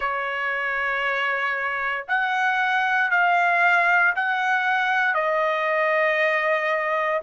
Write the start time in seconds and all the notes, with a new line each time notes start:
0.00 C#5
2.07 F#5
3.10 F5
4.15 F#5
5.14 D#5